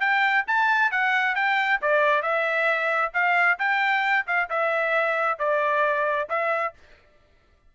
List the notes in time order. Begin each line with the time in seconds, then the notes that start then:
0.00 G5
0.47 A5
0.91 F#5
1.35 G5
1.82 D5
2.22 E5
3.14 F5
3.59 G5
4.27 F5
4.50 E5
5.39 D5
6.29 E5